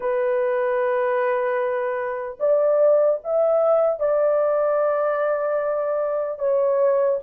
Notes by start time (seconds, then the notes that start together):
0.00 B4
2.39 D5
3.24 E5
3.99 D5
6.38 C#5